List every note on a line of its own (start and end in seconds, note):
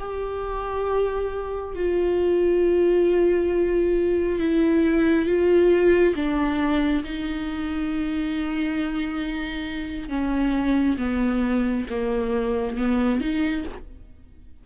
0.00 1.76 G4
1.76 4.40 F4
4.40 5.26 E4
5.26 6.14 F4
6.16 7.04 D4
7.04 10.09 D#4
10.09 10.97 C#4
10.98 11.86 B3
11.90 12.77 A#3
12.77 13.21 B3
13.21 13.65 D#4